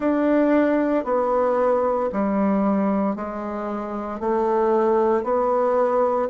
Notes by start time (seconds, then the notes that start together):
0.00 D4
1.04 B3
2.12 G3
3.15 G#3
4.20 A3
5.23 B3